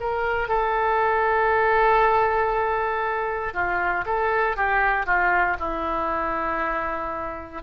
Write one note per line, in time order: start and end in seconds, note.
0.00 0.48 A#4
0.48 3.53 A4
3.54 4.04 F4
4.05 4.56 A4
4.56 5.06 G4
5.06 5.57 F4
5.59 7.62 E4